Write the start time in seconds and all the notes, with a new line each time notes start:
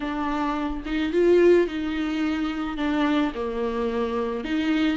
0.00 D4
0.85 D#4
1.12 F4
1.67 D#4
2.77 D4
3.34 A#3
4.44 D#4